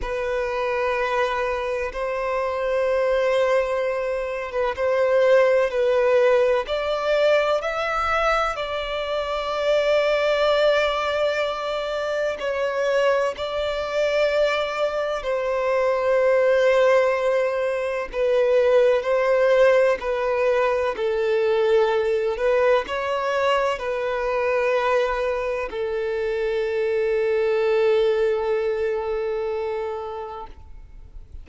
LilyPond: \new Staff \with { instrumentName = "violin" } { \time 4/4 \tempo 4 = 63 b'2 c''2~ | c''8. b'16 c''4 b'4 d''4 | e''4 d''2.~ | d''4 cis''4 d''2 |
c''2. b'4 | c''4 b'4 a'4. b'8 | cis''4 b'2 a'4~ | a'1 | }